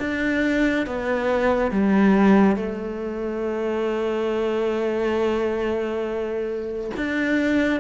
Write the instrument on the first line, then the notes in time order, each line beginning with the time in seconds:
cello
0.00 D4
0.87 B3
1.72 G3
2.57 A3
6.97 D4